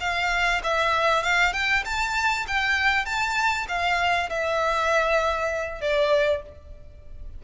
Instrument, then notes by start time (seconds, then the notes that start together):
violin
0.00 F5
0.63 E5
1.23 F5
1.53 G5
1.85 A5
2.48 G5
3.06 A5
3.68 F5
4.29 E5
5.81 D5